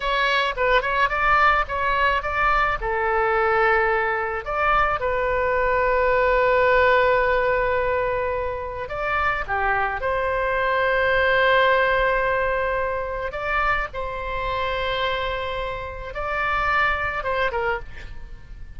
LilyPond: \new Staff \with { instrumentName = "oboe" } { \time 4/4 \tempo 4 = 108 cis''4 b'8 cis''8 d''4 cis''4 | d''4 a'2. | d''4 b'2.~ | b'1 |
d''4 g'4 c''2~ | c''1 | d''4 c''2.~ | c''4 d''2 c''8 ais'8 | }